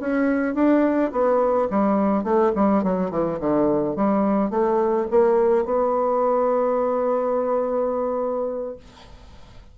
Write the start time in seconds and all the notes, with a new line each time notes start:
0.00 C#4
0.54 D4
1.11 B3
1.70 G3
2.23 A3
2.55 G3
2.83 F#3
3.10 E3
3.40 D3
3.95 G3
4.50 A3
5.10 A#3
5.65 B3